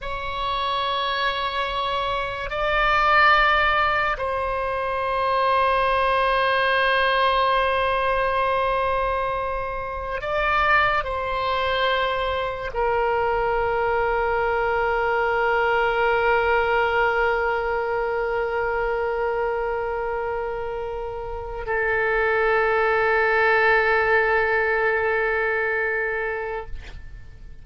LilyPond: \new Staff \with { instrumentName = "oboe" } { \time 4/4 \tempo 4 = 72 cis''2. d''4~ | d''4 c''2.~ | c''1~ | c''16 d''4 c''2 ais'8.~ |
ais'1~ | ais'1~ | ais'2 a'2~ | a'1 | }